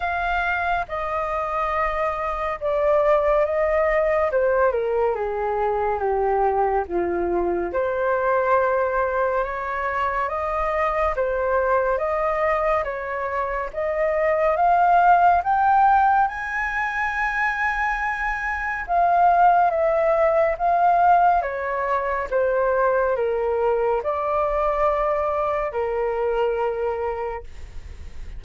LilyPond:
\new Staff \with { instrumentName = "flute" } { \time 4/4 \tempo 4 = 70 f''4 dis''2 d''4 | dis''4 c''8 ais'8 gis'4 g'4 | f'4 c''2 cis''4 | dis''4 c''4 dis''4 cis''4 |
dis''4 f''4 g''4 gis''4~ | gis''2 f''4 e''4 | f''4 cis''4 c''4 ais'4 | d''2 ais'2 | }